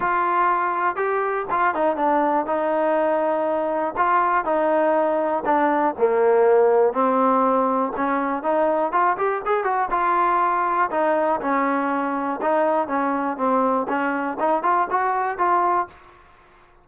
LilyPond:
\new Staff \with { instrumentName = "trombone" } { \time 4/4 \tempo 4 = 121 f'2 g'4 f'8 dis'8 | d'4 dis'2. | f'4 dis'2 d'4 | ais2 c'2 |
cis'4 dis'4 f'8 g'8 gis'8 fis'8 | f'2 dis'4 cis'4~ | cis'4 dis'4 cis'4 c'4 | cis'4 dis'8 f'8 fis'4 f'4 | }